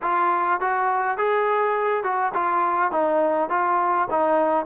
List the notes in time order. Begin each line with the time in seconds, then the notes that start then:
0.02 F4
0.60 F#4
1.17 G#4
2.03 F#4
2.34 F4
2.91 D#4
3.49 F4
4.10 D#4